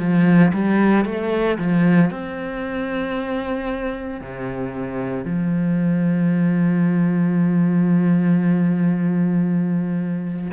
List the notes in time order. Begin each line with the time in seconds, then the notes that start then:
0.00 F3
0.54 G3
1.05 A3
1.58 F3
2.11 C4
4.21 C3
5.25 F3